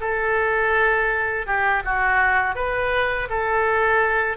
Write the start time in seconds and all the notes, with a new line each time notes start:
0.00 A4
1.46 G4
1.85 F#4
2.55 B4
3.29 A4